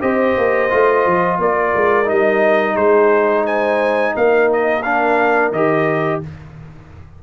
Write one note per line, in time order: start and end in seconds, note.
0.00 0.37 C4
0.00 0.69 G4
0.00 1.39 C5
0.00 1.39 D#5
0.37 0.72 A#3
0.70 1.06 A3
0.70 2.05 F4
1.06 1.38 F3
1.38 1.73 A#3
1.38 2.75 A#4
1.38 2.09 D5
1.76 2.09 G#3
2.05 2.76 G3
2.05 4.81 D#4
2.05 2.76 D#5
2.75 4.14 G#3
2.75 3.44 G#4
2.75 3.45 C5
3.44 4.13 C5
3.44 4.15 G#5
4.15 5.52 A#3
4.15 6.22 A#4
4.15 4.51 F5
4.52 4.83 D#5
4.83 5.53 D4
4.83 5.52 F5
5.52 6.21 D#3
5.52 6.23 G4
5.52 6.21 D#5